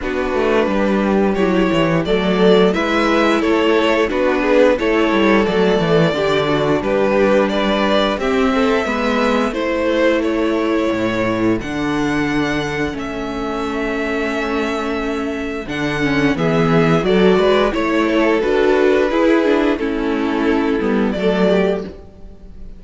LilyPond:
<<
  \new Staff \with { instrumentName = "violin" } { \time 4/4 \tempo 4 = 88 b'2 cis''4 d''4 | e''4 cis''4 b'4 cis''4 | d''2 b'4 d''4 | e''2 c''4 cis''4~ |
cis''4 fis''2 e''4~ | e''2. fis''4 | e''4 d''4 cis''4 b'4~ | b'4 a'2 d''4 | }
  \new Staff \with { instrumentName = "violin" } { \time 4/4 fis'4 g'2 a'4 | b'4 a'4 fis'8 gis'8 a'4~ | a'4 g'8 fis'8 g'4 b'4 | g'8 a'8 b'4 a'2~ |
a'1~ | a'1 | gis'4 a'8 b'8 cis''8 a'4. | gis'4 e'2 a'8 g'8 | }
  \new Staff \with { instrumentName = "viola" } { \time 4/4 d'2 e'4 a4 | e'2 d'4 e'4 | a4 d'2. | c'4 b4 e'2~ |
e'4 d'2 cis'4~ | cis'2. d'8 cis'8 | b4 fis'4 e'4 fis'4 | e'8 d'8 cis'4. b8 a4 | }
  \new Staff \with { instrumentName = "cello" } { \time 4/4 b8 a8 g4 fis8 e8 fis4 | gis4 a4 b4 a8 g8 | fis8 e8 d4 g2 | c'4 gis4 a2 |
a,4 d2 a4~ | a2. d4 | e4 fis8 gis8 a4 d'4 | e'4 a4. g8 fis4 | }
>>